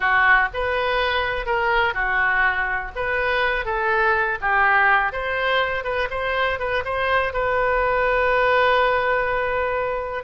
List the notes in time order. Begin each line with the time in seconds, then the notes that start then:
0.00 F#4
0.53 B4
1.45 A#4
1.94 F#4
2.95 B4
3.65 A4
4.41 G4
5.12 C5
5.84 B4
6.10 C5
6.59 B4
6.84 C5
7.33 B4